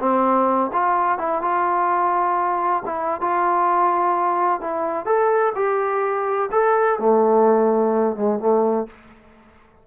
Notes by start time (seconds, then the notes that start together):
0.00 C4
0.73 F4
1.19 E4
1.42 F4
2.86 E4
3.21 F4
4.61 E4
5.06 A4
5.56 G4
6.52 A4
6.99 A3
8.16 G#3
8.40 A3